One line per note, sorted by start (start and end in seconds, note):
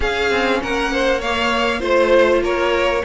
0.00 0.30 C#4
0.00 1.21 C#4
0.00 0.60 G#4
0.00 0.62 F5
0.30 0.60 C4
0.62 1.82 A#3
0.62 0.93 A#4
0.62 1.21 F#5
0.93 1.19 C5
1.19 1.80 A#3
1.19 1.79 C#5
1.19 1.81 F5
1.79 2.42 A3
1.79 3.01 F4
1.79 2.40 C5
1.79 2.42 C5
2.42 3.02 A#3
2.42 3.03 A#4
2.42 3.04 C#5